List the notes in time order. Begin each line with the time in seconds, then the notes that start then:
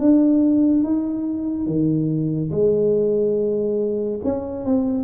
0.00 D4
0.84 D#4
1.66 D#3
2.51 G#3
4.24 C#4
4.65 C4